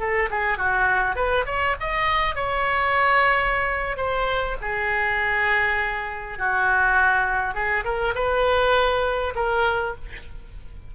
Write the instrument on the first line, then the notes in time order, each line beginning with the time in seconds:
oboe
0.00 A4
0.31 G#4
0.58 F#4
1.16 B4
1.46 C#5
1.80 D#5
2.35 C#5
3.97 C5
4.61 G#4
6.39 F#4
7.54 G#4
7.85 A#4
8.15 B4
9.36 A#4